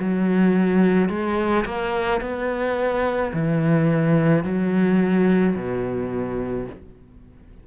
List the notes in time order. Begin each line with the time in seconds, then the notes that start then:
0.00 F#3
1.10 G#3
1.66 A#3
2.21 B3
3.33 E3
4.44 F#3
5.56 B2